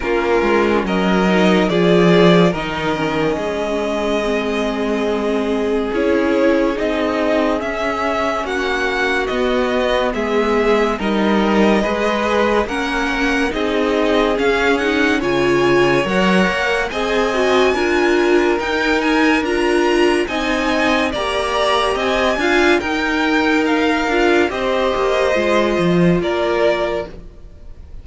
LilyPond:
<<
  \new Staff \with { instrumentName = "violin" } { \time 4/4 \tempo 4 = 71 ais'4 dis''4 d''4 dis''4~ | dis''2. cis''4 | dis''4 e''4 fis''4 dis''4 | e''4 dis''2 fis''4 |
dis''4 f''8 fis''8 gis''4 fis''4 | gis''2 g''8 gis''8 ais''4 | gis''4 ais''4 gis''4 g''4 | f''4 dis''2 d''4 | }
  \new Staff \with { instrumentName = "violin" } { \time 4/4 f'4 ais'4 gis'4 ais'4 | gis'1~ | gis'2 fis'2 | gis'4 ais'4 b'4 ais'4 |
gis'2 cis''2 | dis''4 ais'2. | dis''4 d''4 dis''8 f''8 ais'4~ | ais'4 c''2 ais'4 | }
  \new Staff \with { instrumentName = "viola" } { \time 4/4 cis'4. dis'8 f'4 dis'8 cis'8~ | cis'4 c'2 e'4 | dis'4 cis'2 b4~ | b4 dis'4 gis'4 cis'4 |
dis'4 cis'8 dis'8 f'4 ais'4 | gis'8 fis'8 f'4 dis'4 f'4 | dis'4 g'4. f'8 dis'4~ | dis'8 f'8 g'4 f'2 | }
  \new Staff \with { instrumentName = "cello" } { \time 4/4 ais8 gis8 fis4 f4 dis4 | gis2. cis'4 | c'4 cis'4 ais4 b4 | gis4 g4 gis4 ais4 |
c'4 cis'4 cis4 fis8 ais8 | c'4 d'4 dis'4 d'4 | c'4 ais4 c'8 d'8 dis'4~ | dis'8 d'8 c'8 ais8 gis8 f8 ais4 | }
>>